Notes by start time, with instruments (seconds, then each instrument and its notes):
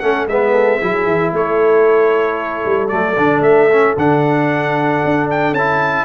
0.00 tuba A3, trombone C#4, horn A4, trumpet F#5
0.27 tuba G#3, trombone B3, horn B4, trumpet E5
0.53 horn A4
0.79 tuba F#3, trombone E4, horn G#4
1.05 tuba E3
1.33 tuba A3, horn A4, trumpet C#5
2.65 tuba G3
2.88 tuba F#3, trombone A3, trumpet D5
3.17 tuba D3, trombone D4
3.40 tuba A3, trumpet E5
3.71 trombone C#4
3.97 tuba D3, trombone D4, trumpet F#5
5.05 tuba D4
5.30 trumpet G5
5.52 tuba C#4, trumpet A5
5.58 trombone E4